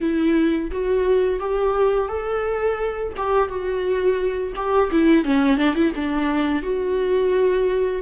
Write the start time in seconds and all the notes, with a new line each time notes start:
0.01 E4
0.71 F#4
1.40 G4
2.08 A4
3.16 G4
3.48 F#4
4.55 G4
4.91 E4
5.24 C#4
5.57 D4
5.74 E4
5.95 D4
6.62 F#4